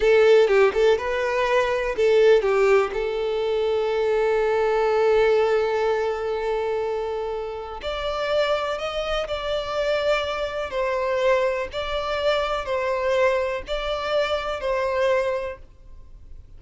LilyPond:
\new Staff \with { instrumentName = "violin" } { \time 4/4 \tempo 4 = 123 a'4 g'8 a'8 b'2 | a'4 g'4 a'2~ | a'1~ | a'1 |
d''2 dis''4 d''4~ | d''2 c''2 | d''2 c''2 | d''2 c''2 | }